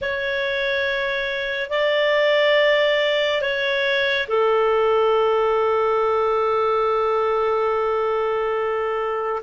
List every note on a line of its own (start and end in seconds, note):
0.01 1.69 C#5
1.69 3.41 D5
3.41 4.27 C#5
4.28 9.42 A4